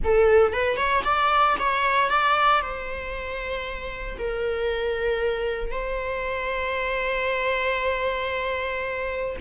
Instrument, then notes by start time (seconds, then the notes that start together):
viola
0.04 A4
0.52 B4
0.76 C#5
1.04 D5
1.59 C#5
2.09 D5
2.61 C5
4.18 A#4
5.71 C5